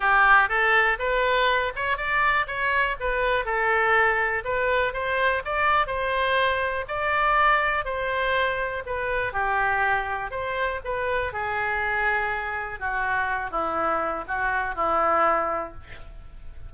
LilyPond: \new Staff \with { instrumentName = "oboe" } { \time 4/4 \tempo 4 = 122 g'4 a'4 b'4. cis''8 | d''4 cis''4 b'4 a'4~ | a'4 b'4 c''4 d''4 | c''2 d''2 |
c''2 b'4 g'4~ | g'4 c''4 b'4 gis'4~ | gis'2 fis'4. e'8~ | e'4 fis'4 e'2 | }